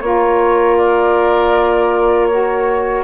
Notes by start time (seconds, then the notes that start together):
0.00 A#3 F4 A#4 C#5
0.77 D5
2.27 F#4 C#5